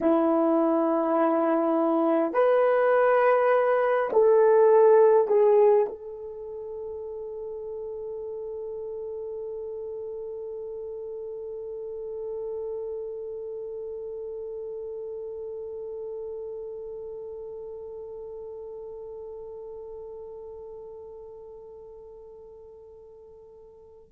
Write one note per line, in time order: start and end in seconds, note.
0.00 2.33 E4
2.33 4.09 B4
4.12 5.27 A4
5.27 5.86 G#4
5.88 24.12 A4